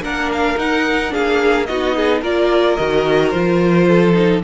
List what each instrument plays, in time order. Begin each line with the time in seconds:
0.00 cello A#3, viola D4, violin A#4 F#5
0.32 violin F5
0.57 viola D#4, cello D#4, violin F#5
1.10 cello A#3, viola D4, violin G#4 F5
1.66 cello B3, viola D#4, violin F#4 D#5
1.96 violin G#4
2.22 cello A#3, viola F4, violin A#4 D5
2.76 cello D#3, viola F#4, violin D#5
3.30 cello F3, viola F4, violin C5
3.87 violin A4
4.13 viola D#4